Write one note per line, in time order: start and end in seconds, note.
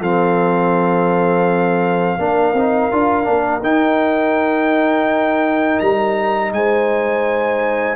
0.00 2.17 F3
0.00 2.18 C4
0.00 2.17 A4
0.00 3.63 F5
2.18 2.53 A#3
2.18 2.55 D4
2.18 6.54 A#4
2.53 2.89 C4
2.53 2.92 D#4
2.92 3.27 D4
2.92 3.24 F4
3.24 3.62 A#3
3.24 3.60 D4
3.62 5.79 D#4
3.62 7.96 D#4
3.62 5.79 G5
5.79 6.52 G3
5.79 6.51 A#5
6.52 7.96 G#3
6.52 7.96 C5
6.52 7.96 G#5